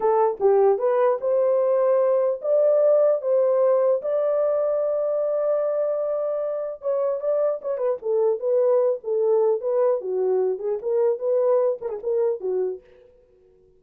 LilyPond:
\new Staff \with { instrumentName = "horn" } { \time 4/4 \tempo 4 = 150 a'4 g'4 b'4 c''4~ | c''2 d''2 | c''2 d''2~ | d''1~ |
d''4 cis''4 d''4 cis''8 b'8 | a'4 b'4. a'4. | b'4 fis'4. gis'8 ais'4 | b'4. ais'16 gis'16 ais'4 fis'4 | }